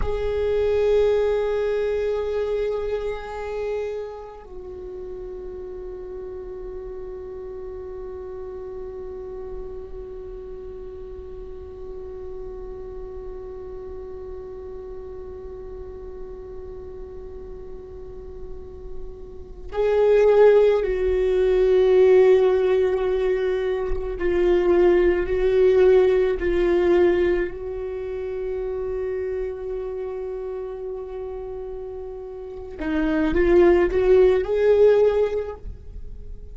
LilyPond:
\new Staff \with { instrumentName = "viola" } { \time 4/4 \tempo 4 = 54 gis'1 | fis'1~ | fis'1~ | fis'1~ |
fis'4.~ fis'16 gis'4 fis'4~ fis'16~ | fis'4.~ fis'16 f'4 fis'4 f'16~ | f'8. fis'2.~ fis'16~ | fis'4. dis'8 f'8 fis'8 gis'4 | }